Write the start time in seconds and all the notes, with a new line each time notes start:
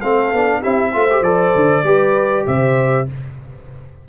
0.00 A3 C4 A4 F5
0.32 B3 D4
0.60 C4 E4 G4 E5
0.92 A3 F4 C5
1.10 G4
1.21 F3 A4 D5
1.55 D3
1.83 G3 G4 B4
2.46 C3 C5 E5